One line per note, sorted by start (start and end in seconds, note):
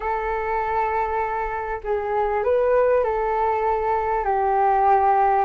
0.00 1.80 A4
1.83 2.43 G#4
2.43 3.03 B4
3.03 4.24 A4
4.24 5.45 G4